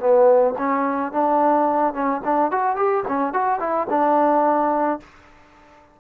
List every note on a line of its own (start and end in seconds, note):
0.00 0.55 B3
0.59 1.13 C#4
1.13 1.94 D4
1.94 2.22 C#4
2.25 2.52 D4
2.52 2.77 F#4
2.77 3.04 G4
3.08 3.34 C#4
3.34 3.60 F#4
3.60 3.88 E4
3.90 5.00 D4